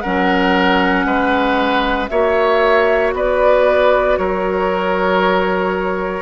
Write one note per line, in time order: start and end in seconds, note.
0.00 1.05 F#3
0.00 2.08 C#4
0.00 1.06 A#4
0.00 2.07 F#5
1.05 2.09 G#3
1.05 2.10 B4
2.08 3.13 A#3
2.08 6.22 F#4
2.08 3.14 C#5
2.08 3.12 E5
3.13 4.17 B3
3.13 4.19 B4
3.13 4.17 D5
4.17 6.22 F#3
4.17 6.22 A#4
4.17 6.22 C#5